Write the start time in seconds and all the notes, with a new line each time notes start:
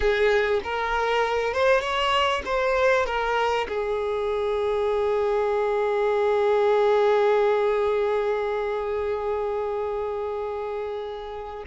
0.00 G#4
0.63 A#4
1.53 C5
1.80 C#5
2.45 C5
3.06 A#4
3.68 G#4